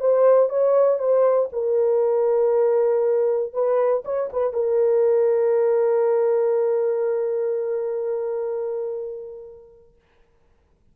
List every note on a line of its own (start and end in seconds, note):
0.00 0.50 C5
0.50 0.99 C#5
0.99 1.49 C5
1.53 3.53 A#4
3.53 4.04 B4
4.05 4.30 C#5
4.33 4.53 B4
4.53 9.95 A#4